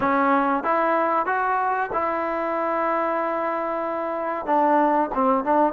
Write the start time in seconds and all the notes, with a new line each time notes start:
0.00 C#4
0.63 E4
1.26 F#4
1.93 E4
4.46 D4
5.14 C4
5.44 D4